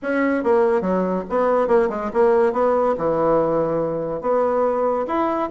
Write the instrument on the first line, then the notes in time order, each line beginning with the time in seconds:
bassoon
0.02 C#4
0.43 A#3
0.81 F#3
1.29 B3
1.67 A#3
1.89 G#3
2.13 A#3
2.53 B3
2.97 E3
4.21 B3
5.07 E4